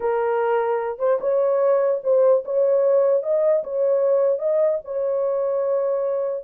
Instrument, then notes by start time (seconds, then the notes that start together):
horn
0.00 A#4
0.98 C5
1.20 C#5
2.03 C5
2.44 C#5
3.23 D#5
3.63 C#5
4.38 D#5
4.84 C#5